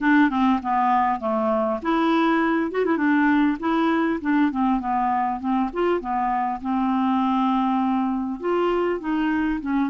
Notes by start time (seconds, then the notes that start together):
0.00 D4
0.29 C4
0.62 B3
1.20 A3
1.82 E4
2.71 F#4
2.85 E4
2.97 D4
3.59 E4
4.21 D4
4.51 C4
4.80 B3
5.40 C4
5.73 F4
6.00 B3
6.61 C4
8.39 F4
8.99 D#4
9.61 C#4